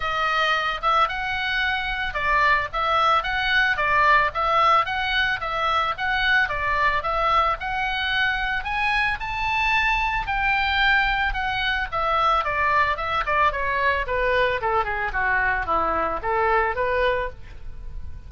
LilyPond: \new Staff \with { instrumentName = "oboe" } { \time 4/4 \tempo 4 = 111 dis''4. e''8 fis''2 | d''4 e''4 fis''4 d''4 | e''4 fis''4 e''4 fis''4 | d''4 e''4 fis''2 |
gis''4 a''2 g''4~ | g''4 fis''4 e''4 d''4 | e''8 d''8 cis''4 b'4 a'8 gis'8 | fis'4 e'4 a'4 b'4 | }